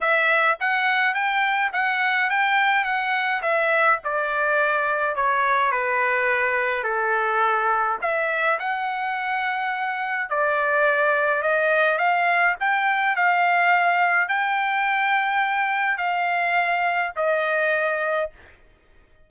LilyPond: \new Staff \with { instrumentName = "trumpet" } { \time 4/4 \tempo 4 = 105 e''4 fis''4 g''4 fis''4 | g''4 fis''4 e''4 d''4~ | d''4 cis''4 b'2 | a'2 e''4 fis''4~ |
fis''2 d''2 | dis''4 f''4 g''4 f''4~ | f''4 g''2. | f''2 dis''2 | }